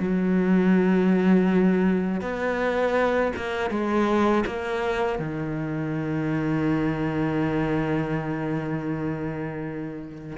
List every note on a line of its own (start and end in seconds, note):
0.00 2.22 F#3
2.22 3.33 B3
3.37 3.71 A#3
3.71 4.45 G#3
4.46 5.19 A#3
5.19 10.38 D#3